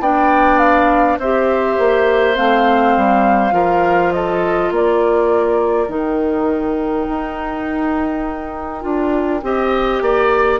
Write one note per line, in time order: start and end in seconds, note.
0.00 1.18 B3
0.00 1.20 D4
0.00 1.19 D5
0.00 0.59 G5
0.59 1.18 F5
1.18 1.77 C4
1.18 2.35 G4
1.18 3.54 C5
1.18 2.37 E5
1.79 2.37 A#3
2.35 2.97 A3
2.35 3.52 C4
2.35 4.13 F5
2.97 3.52 G3
3.52 4.70 F3
3.52 5.87 F4
3.52 4.13 A#4
4.13 4.74 A4
4.13 4.72 D#5
4.71 5.88 A#3
4.71 9.45 A#4
4.71 5.90 D5
5.88 7.06 D#3
5.88 8.81 D#4
5.88 10.60 G5
7.09 8.84 D#4
8.81 9.43 D4
8.81 9.40 F4
9.43 10.01 C4
9.43 10.60 G4
9.43 10.03 D#5
10.01 10.60 A#3
10.01 10.60 D5